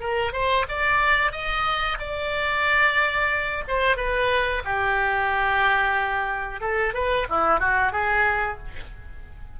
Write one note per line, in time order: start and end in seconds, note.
0.00 0.32 A#4
0.32 0.65 C5
0.68 1.32 D5
1.32 1.98 D#5
1.98 3.63 D5
3.68 3.96 C5
3.96 4.62 B4
4.65 6.60 G4
6.60 6.93 A4
6.94 7.26 B4
7.29 7.59 E4
7.59 7.92 F#4
7.92 8.58 G#4